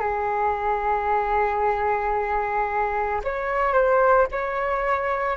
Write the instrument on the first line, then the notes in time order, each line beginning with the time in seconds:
flute
0.00 G#4
3.24 C#5
3.74 C5
4.31 C#5